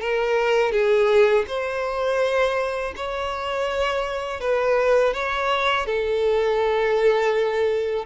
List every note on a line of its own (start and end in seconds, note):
0.00 0.72 A#4
0.72 1.45 G#4
1.47 2.94 C5
2.96 4.40 C#5
4.40 5.13 B4
5.13 5.86 C#5
5.86 8.06 A4